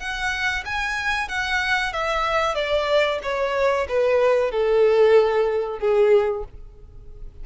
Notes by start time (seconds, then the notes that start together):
0.00 F#5
0.65 G#5
1.29 F#5
1.93 E5
2.55 D5
3.23 C#5
3.89 B4
4.52 A4
5.79 G#4